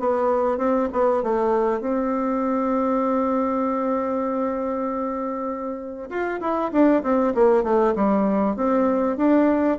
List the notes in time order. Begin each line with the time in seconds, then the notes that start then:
0.00 B3
0.58 C4
0.93 B3
1.23 A3
1.81 C4
6.10 F4
6.41 E4
6.72 D4
7.03 C4
7.35 A#3
7.64 A3
7.95 G3
8.57 C4
9.17 D4